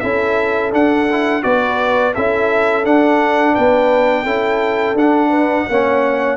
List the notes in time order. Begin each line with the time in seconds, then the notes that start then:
0.00 C#4 E4 A4 E5
0.72 D4 F#5
1.12 E4
1.43 B3 F#4 B4 D5
2.15 C#4 E4 A4 E5
2.84 D4 F#5
3.54 B3 B4 G5
4.23 C#4 E4 A4
4.94 D4 F#5
5.30 B4
5.69 A#3 C#4 C#5